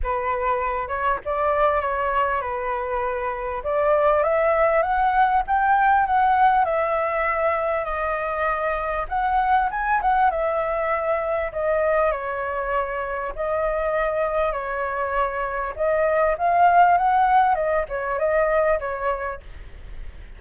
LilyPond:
\new Staff \with { instrumentName = "flute" } { \time 4/4 \tempo 4 = 99 b'4. cis''8 d''4 cis''4 | b'2 d''4 e''4 | fis''4 g''4 fis''4 e''4~ | e''4 dis''2 fis''4 |
gis''8 fis''8 e''2 dis''4 | cis''2 dis''2 | cis''2 dis''4 f''4 | fis''4 dis''8 cis''8 dis''4 cis''4 | }